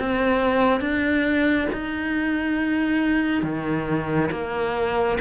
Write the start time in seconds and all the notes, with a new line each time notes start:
0.00 C4
0.81 D4
1.72 D#4
3.43 D#3
4.32 A#3